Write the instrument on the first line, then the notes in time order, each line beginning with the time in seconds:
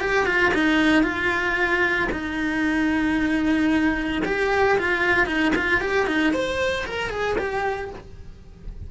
cello
0.00 G4
0.26 F4
0.54 D#4
1.03 F4
2.11 D#4
4.25 G4
4.78 F4
5.26 D#4
5.56 F4
5.80 G4
6.07 D#4
6.33 C5
6.86 A#4
7.10 G#4
7.38 G4